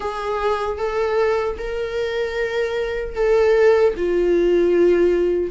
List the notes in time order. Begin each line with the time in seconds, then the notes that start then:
0.00 G#4
0.78 A4
1.58 A#4
3.15 A4
3.96 F4